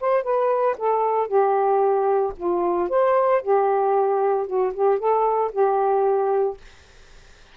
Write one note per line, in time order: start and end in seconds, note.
0.00 0.23 C5
0.23 0.76 B4
0.78 1.27 A4
1.27 2.33 G4
2.36 2.89 F4
2.89 3.42 C5
3.42 4.46 G4
4.46 4.73 F#4
4.73 4.98 G4
4.98 5.51 A4
5.52 6.57 G4